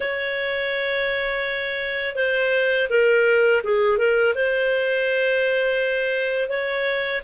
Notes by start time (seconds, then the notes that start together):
0.00 C#5
2.15 C5
2.89 A#4
3.63 G#4
3.98 A#4
4.34 C5
6.49 C#5